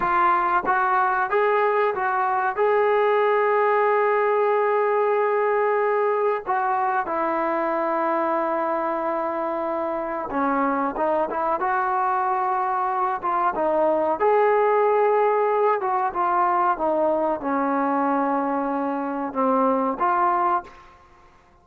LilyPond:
\new Staff \with { instrumentName = "trombone" } { \time 4/4 \tempo 4 = 93 f'4 fis'4 gis'4 fis'4 | gis'1~ | gis'2 fis'4 e'4~ | e'1 |
cis'4 dis'8 e'8 fis'2~ | fis'8 f'8 dis'4 gis'2~ | gis'8 fis'8 f'4 dis'4 cis'4~ | cis'2 c'4 f'4 | }